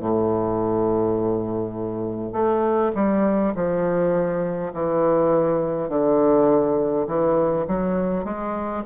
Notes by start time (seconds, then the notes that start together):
0.00 A2
2.33 A3
2.96 G3
3.56 F3
4.74 E3
5.89 D3
7.07 E3
7.68 F#3
8.25 G#3